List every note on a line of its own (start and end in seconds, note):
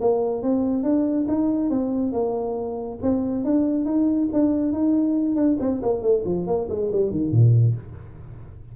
0.00 0.42 A#3
0.42 0.83 C4
0.83 1.26 D4
1.28 1.70 D#4
1.70 2.12 C4
2.12 2.98 A#3
3.02 3.44 C4
3.44 3.85 D4
3.85 4.28 D#4
4.32 4.72 D4
4.72 5.35 D#4
5.35 5.57 D4
5.60 5.81 C4
5.82 6.02 A#3
6.02 6.23 A3
6.25 6.46 F3
6.46 6.68 A#3
6.69 6.91 G#3
6.92 7.10 G3
7.10 7.31 D#3
7.31 7.75 A#2